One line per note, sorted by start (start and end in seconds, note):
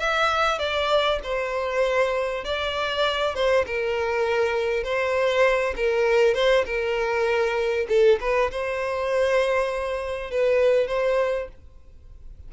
0.00 0.59 E5
0.59 1.20 D5
1.23 2.44 C5
2.45 3.35 D5
3.35 3.65 C5
3.67 4.84 A#4
4.84 5.75 C5
5.77 6.35 A#4
6.35 6.65 C5
6.66 7.87 A#4
7.89 8.20 A4
8.21 8.51 B4
8.52 10.31 C5
10.31 10.88 B4
10.88 11.49 C5